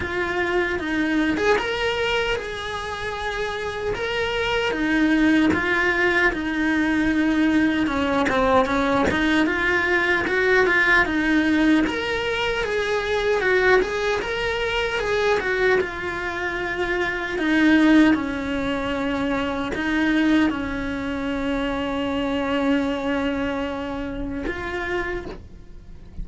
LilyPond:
\new Staff \with { instrumentName = "cello" } { \time 4/4 \tempo 4 = 76 f'4 dis'8. gis'16 ais'4 gis'4~ | gis'4 ais'4 dis'4 f'4 | dis'2 cis'8 c'8 cis'8 dis'8 | f'4 fis'8 f'8 dis'4 ais'4 |
gis'4 fis'8 gis'8 ais'4 gis'8 fis'8 | f'2 dis'4 cis'4~ | cis'4 dis'4 cis'2~ | cis'2. f'4 | }